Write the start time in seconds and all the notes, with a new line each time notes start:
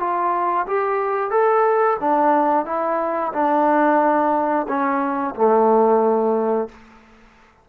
0.00 F4
0.67 G4
1.31 A4
2.01 D4
2.66 E4
3.34 D4
4.69 C#4
5.36 A3